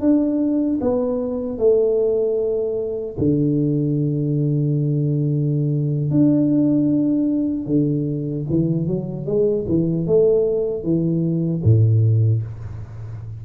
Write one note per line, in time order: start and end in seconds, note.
0.00 0.79 D4
0.81 1.58 B3
1.58 3.16 A3
3.18 6.10 D3
6.10 7.66 D4
7.66 8.45 D3
8.50 8.87 E3
8.87 9.26 F#3
9.26 9.65 G#3
9.68 10.06 E3
10.06 10.83 A3
10.83 11.62 E3
11.63 12.42 A2